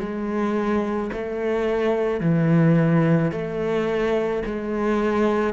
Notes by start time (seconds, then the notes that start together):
0.00 G#3
1.13 A3
2.21 E3
3.32 A3
4.46 G#3